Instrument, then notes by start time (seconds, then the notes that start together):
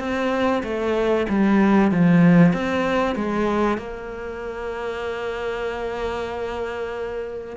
cello
0.00 C4
0.64 A3
1.29 G3
1.92 F3
2.53 C4
3.16 G#3
3.78 A#3